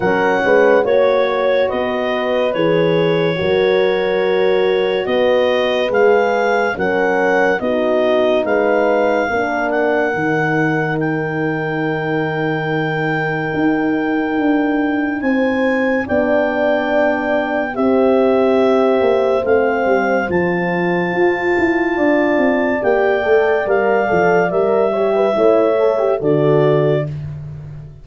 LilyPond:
<<
  \new Staff \with { instrumentName = "clarinet" } { \time 4/4 \tempo 4 = 71 fis''4 cis''4 dis''4 cis''4~ | cis''2 dis''4 f''4 | fis''4 dis''4 f''4. fis''8~ | fis''4 g''2.~ |
g''2 gis''4 g''4~ | g''4 e''2 f''4 | a''2. g''4 | f''4 e''2 d''4 | }
  \new Staff \with { instrumentName = "horn" } { \time 4/4 ais'8 b'8 cis''4 b'2 | ais'2 b'2 | ais'4 fis'4 b'4 ais'4~ | ais'1~ |
ais'2 c''4 d''4~ | d''4 c''2.~ | c''2 d''2~ | d''4. cis''16 b'16 cis''4 a'4 | }
  \new Staff \with { instrumentName = "horn" } { \time 4/4 cis'4 fis'2 gis'4 | fis'2. gis'4 | cis'4 dis'2 d'4 | dis'1~ |
dis'2. d'4~ | d'4 g'2 c'4 | f'2. g'8 a'8 | ais'8 a'8 ais'8 g'8 e'8 a'16 g'16 fis'4 | }
  \new Staff \with { instrumentName = "tuba" } { \time 4/4 fis8 gis8 ais4 b4 e4 | fis2 b4 gis4 | fis4 b4 gis4 ais4 | dis1 |
dis'4 d'4 c'4 b4~ | b4 c'4. ais8 a8 g8 | f4 f'8 e'8 d'8 c'8 ais8 a8 | g8 f8 g4 a4 d4 | }
>>